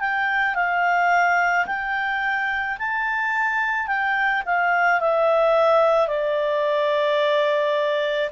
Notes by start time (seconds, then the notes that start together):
0.00 G5
0.55 F5
1.66 G5
2.79 A5
3.87 G5
4.45 F5
5.01 E5
6.08 D5